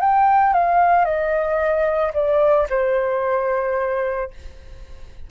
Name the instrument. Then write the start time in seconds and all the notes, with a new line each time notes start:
flute
0.00 G5
0.53 F5
1.05 D#5
2.13 D5
2.69 C5